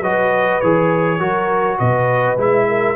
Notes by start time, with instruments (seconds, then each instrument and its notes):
0.00 tuba F#3, trombone F#4, horn B4, trumpet D#5
0.60 tuba E3, trombone G#4, trumpet C#5
1.19 tuba F#3, trombone F#4, horn A#4
1.78 tuba B2, horn B4, trumpet D#5
2.37 tuba G#3, trombone E4, trumpet E5
2.68 horn A#4